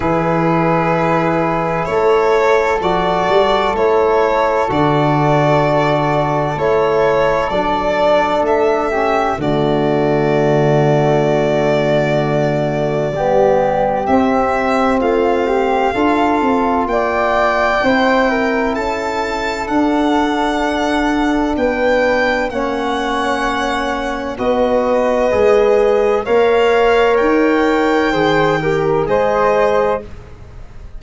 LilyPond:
<<
  \new Staff \with { instrumentName = "violin" } { \time 4/4 \tempo 4 = 64 b'2 cis''4 d''4 | cis''4 d''2 cis''4 | d''4 e''4 d''2~ | d''2. e''4 |
f''2 g''2 | a''4 fis''2 g''4 | fis''2 dis''2 | f''4 g''2 dis''4 | }
  \new Staff \with { instrumentName = "flute" } { \time 4/4 gis'2 a'2~ | a'1~ | a'4. g'8 fis'2~ | fis'2 g'2 |
f'8 g'8 a'4 d''4 c''8 ais'8 | a'2. b'4 | cis''2 b'2 | cis''2 c''8 ais'8 c''4 | }
  \new Staff \with { instrumentName = "trombone" } { \time 4/4 e'2. fis'4 | e'4 fis'2 e'4 | d'4. cis'8 a2~ | a2 b4 c'4~ |
c'4 f'2 e'4~ | e'4 d'2. | cis'2 fis'4 gis'4 | ais'2 gis'8 g'8 gis'4 | }
  \new Staff \with { instrumentName = "tuba" } { \time 4/4 e2 a4 f8 g8 | a4 d2 a4 | fis4 a4 d2~ | d2 g4 c'4 |
a4 d'8 c'8 ais4 c'4 | cis'4 d'2 b4 | ais2 b4 gis4 | ais4 dis'4 dis4 gis4 | }
>>